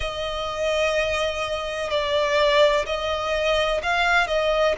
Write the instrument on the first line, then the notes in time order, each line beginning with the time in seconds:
violin
0.00 D#5
1.90 D5
2.86 D#5
3.83 F5
4.27 D#5